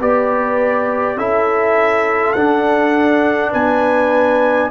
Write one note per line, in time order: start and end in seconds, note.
0.00 1.17 B3
0.00 1.18 G4
0.00 1.17 B4
0.00 1.19 D5
1.17 2.35 C#4
1.17 2.36 E4
1.17 3.51 A4
1.17 2.34 E5
2.34 3.53 D4
2.34 4.71 D4
2.34 3.51 F#5
3.51 4.71 B3
3.51 4.69 B4
3.51 4.71 G#5